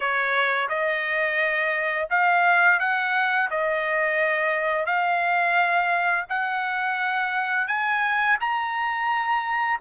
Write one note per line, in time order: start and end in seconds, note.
0.00 0.68 C#5
0.68 2.08 D#5
2.09 2.79 F5
2.79 3.49 F#5
3.50 4.86 D#5
4.86 6.25 F5
6.29 7.67 F#5
7.67 8.37 G#5
8.40 9.80 A#5